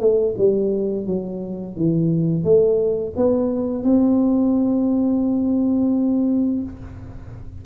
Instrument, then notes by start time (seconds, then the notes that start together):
tuba
0.00 A3
0.37 G3
1.06 F#3
1.76 E3
2.44 A3
3.16 B3
3.83 C4